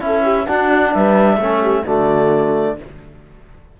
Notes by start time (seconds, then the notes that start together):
0.00 C#4 E4 A4 E5
0.23 G4
0.47 D4 F#4 F#5
0.93 G3 B4 E5
1.37 A3 C#4 A4
1.62 G4
1.84 D3 A3 F#4 D5